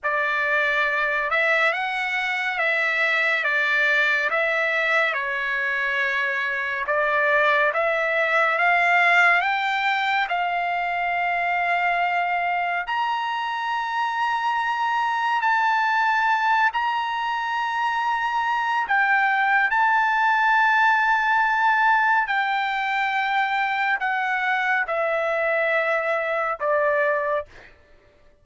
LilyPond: \new Staff \with { instrumentName = "trumpet" } { \time 4/4 \tempo 4 = 70 d''4. e''8 fis''4 e''4 | d''4 e''4 cis''2 | d''4 e''4 f''4 g''4 | f''2. ais''4~ |
ais''2 a''4. ais''8~ | ais''2 g''4 a''4~ | a''2 g''2 | fis''4 e''2 d''4 | }